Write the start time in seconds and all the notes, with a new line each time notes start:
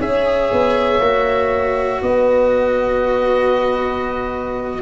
0.00 C#4 G#4 C#5 E5
0.52 B3
1.00 A#3 F#4
2.02 B3 B4 D#5